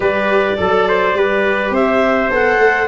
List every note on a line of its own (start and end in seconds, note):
0.00 0.54 G3
0.00 0.57 G4
0.00 0.58 B4
0.00 1.73 D5
0.57 1.14 F#3
0.57 1.14 A4
0.57 0.88 A4
0.88 1.17 C5
1.14 1.70 G3
1.14 2.30 G4
1.14 1.74 B4
1.70 2.28 C4
1.70 2.87 C5
1.70 2.31 E5
2.30 2.59 B3
2.30 2.87 A4
2.30 2.87 F#5
2.59 2.87 A3